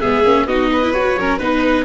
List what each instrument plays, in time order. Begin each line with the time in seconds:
0.00 tuba G#3, viola B3, violin G#4, oboe E5
0.24 tuba A#3, viola C#4
0.46 tuba B3, viola D#4, violin F#4, oboe D#5
0.72 violin B4
0.83 viola E4
0.93 viola F#4, tuba F#4, oboe C#5
1.16 tuba F#3, viola C#4, violin A#4
1.38 tuba B3, viola D#4, oboe B4, violin B4